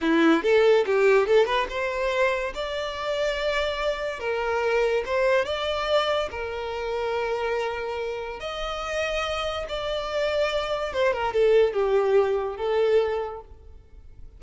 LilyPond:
\new Staff \with { instrumentName = "violin" } { \time 4/4 \tempo 4 = 143 e'4 a'4 g'4 a'8 b'8 | c''2 d''2~ | d''2 ais'2 | c''4 d''2 ais'4~ |
ais'1 | dis''2. d''4~ | d''2 c''8 ais'8 a'4 | g'2 a'2 | }